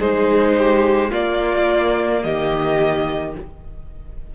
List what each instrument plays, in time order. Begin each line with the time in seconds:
0.00 cello G#3, viola D#4, violin G#4 C5
0.59 violin G4
1.11 viola A#3, cello A#3, violin F4 D5
2.24 cello D#3, violin G4 D#5